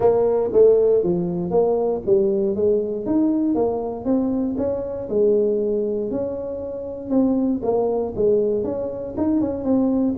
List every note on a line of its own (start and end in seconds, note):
0.00 0.50 A#3
0.52 1.03 A3
1.03 1.50 F3
1.50 2.01 A#3
2.06 2.55 G3
2.55 3.05 G#3
3.05 3.55 D#4
3.55 4.04 A#3
4.04 4.55 C4
4.57 5.08 C#4
5.09 6.10 G#3
6.11 7.09 C#4
7.09 7.60 C4
7.62 8.13 A#3
8.15 8.63 G#3
8.63 9.14 C#4
9.17 9.41 D#4
9.41 9.64 C#4
9.64 10.14 C4